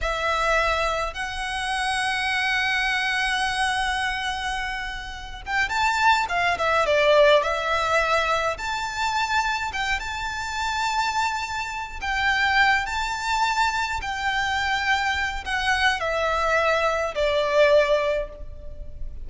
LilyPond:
\new Staff \with { instrumentName = "violin" } { \time 4/4 \tempo 4 = 105 e''2 fis''2~ | fis''1~ | fis''4. g''8 a''4 f''8 e''8 | d''4 e''2 a''4~ |
a''4 g''8 a''2~ a''8~ | a''4 g''4. a''4.~ | a''8 g''2~ g''8 fis''4 | e''2 d''2 | }